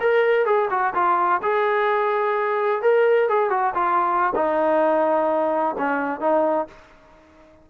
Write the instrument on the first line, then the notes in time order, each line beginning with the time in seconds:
trombone
0.00 A#4
0.46 G#4
0.71 F#4
0.95 F4
1.43 G#4
2.82 A#4
3.29 G#4
3.50 F#4
3.75 F4
4.35 D#4
5.78 C#4
6.21 D#4